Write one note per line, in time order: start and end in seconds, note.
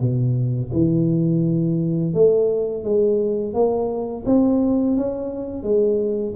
0.00 0.71 B2
0.73 2.14 E3
2.14 2.84 A3
2.84 3.54 G#3
3.54 4.24 A#3
4.26 4.96 C4
4.96 5.63 C#4
5.63 6.34 G#3